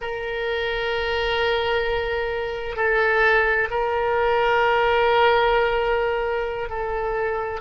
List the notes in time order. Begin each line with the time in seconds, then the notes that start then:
0.01 A#4
2.76 A4
3.70 A#4
6.69 A4